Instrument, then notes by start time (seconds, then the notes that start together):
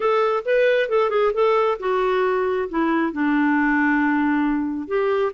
clarinet
0.00 A4
0.45 B4
0.89 A4
1.09 G#4
1.33 A4
1.79 F#4
2.69 E4
3.12 D4
4.87 G4